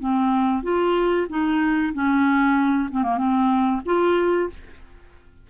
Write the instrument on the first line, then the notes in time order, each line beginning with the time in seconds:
clarinet
0.00 C4
0.63 F4
1.29 D#4
1.94 C#4
2.91 C4
3.03 A#3
3.18 C4
3.86 F4